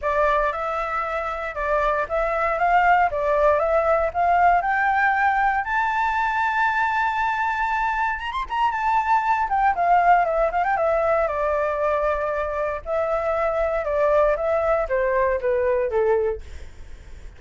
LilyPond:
\new Staff \with { instrumentName = "flute" } { \time 4/4 \tempo 4 = 117 d''4 e''2 d''4 | e''4 f''4 d''4 e''4 | f''4 g''2 a''4~ | a''1 |
ais''16 c'''16 ais''8 a''4. g''8 f''4 | e''8 f''16 g''16 e''4 d''2~ | d''4 e''2 d''4 | e''4 c''4 b'4 a'4 | }